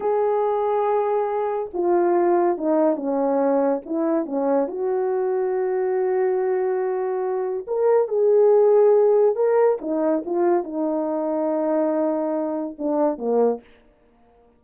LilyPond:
\new Staff \with { instrumentName = "horn" } { \time 4/4 \tempo 4 = 141 gis'1 | f'2 dis'4 cis'4~ | cis'4 e'4 cis'4 fis'4~ | fis'1~ |
fis'2 ais'4 gis'4~ | gis'2 ais'4 dis'4 | f'4 dis'2.~ | dis'2 d'4 ais4 | }